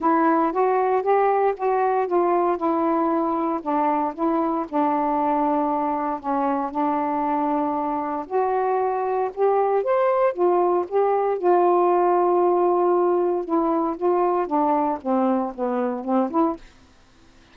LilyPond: \new Staff \with { instrumentName = "saxophone" } { \time 4/4 \tempo 4 = 116 e'4 fis'4 g'4 fis'4 | f'4 e'2 d'4 | e'4 d'2. | cis'4 d'2. |
fis'2 g'4 c''4 | f'4 g'4 f'2~ | f'2 e'4 f'4 | d'4 c'4 b4 c'8 e'8 | }